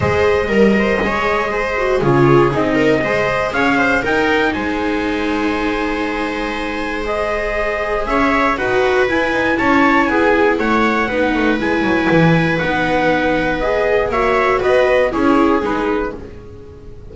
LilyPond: <<
  \new Staff \with { instrumentName = "trumpet" } { \time 4/4 \tempo 4 = 119 dis''1 | cis''4 dis''2 f''4 | g''4 gis''2.~ | gis''2 dis''2 |
e''4 fis''4 gis''4 a''4 | gis''4 fis''2 gis''4~ | gis''4 fis''2 dis''4 | e''4 dis''4 cis''4 b'4 | }
  \new Staff \with { instrumentName = "viola" } { \time 4/4 c''4 ais'8 c''8 cis''4 c''4 | gis'4. ais'8 c''4 cis''8 c''8 | ais'4 c''2.~ | c''1 |
cis''4 b'2 cis''4 | gis'4 cis''4 b'2~ | b'1 | cis''4 b'4 gis'2 | }
  \new Staff \with { instrumentName = "viola" } { \time 4/4 gis'4 ais'4 gis'4. fis'8 | f'4 dis'4 gis'2 | dis'1~ | dis'2 gis'2~ |
gis'4 fis'4 e'2~ | e'2 dis'4 e'4~ | e'4 dis'2 gis'4 | fis'2 e'4 dis'4 | }
  \new Staff \with { instrumentName = "double bass" } { \time 4/4 gis4 g4 gis2 | cis4 c'4 gis4 cis'4 | dis'4 gis2.~ | gis1 |
cis'4 dis'4 e'8 dis'8 cis'4 | b4 a4 b8 a8 gis8 fis8 | e4 b2. | ais4 b4 cis'4 gis4 | }
>>